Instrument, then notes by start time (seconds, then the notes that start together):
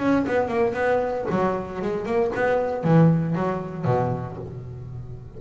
double bass
0.00 C#4
0.27 B3
0.48 A#3
0.74 B3
1.30 F#3
1.82 G#3
2.06 A#3
2.35 B3
2.84 E3
3.36 F#3
3.86 B2